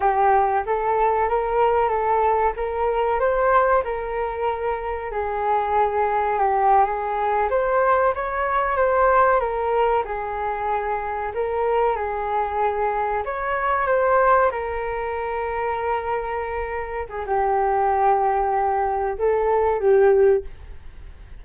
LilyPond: \new Staff \with { instrumentName = "flute" } { \time 4/4 \tempo 4 = 94 g'4 a'4 ais'4 a'4 | ais'4 c''4 ais'2 | gis'2 g'8. gis'4 c''16~ | c''8. cis''4 c''4 ais'4 gis'16~ |
gis'4.~ gis'16 ais'4 gis'4~ gis'16~ | gis'8. cis''4 c''4 ais'4~ ais'16~ | ais'2~ ais'8. gis'16 g'4~ | g'2 a'4 g'4 | }